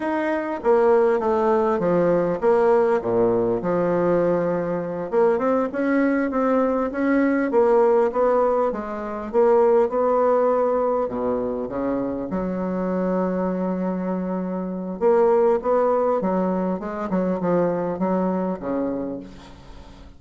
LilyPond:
\new Staff \with { instrumentName = "bassoon" } { \time 4/4 \tempo 4 = 100 dis'4 ais4 a4 f4 | ais4 ais,4 f2~ | f8 ais8 c'8 cis'4 c'4 cis'8~ | cis'8 ais4 b4 gis4 ais8~ |
ais8 b2 b,4 cis8~ | cis8 fis2.~ fis8~ | fis4 ais4 b4 fis4 | gis8 fis8 f4 fis4 cis4 | }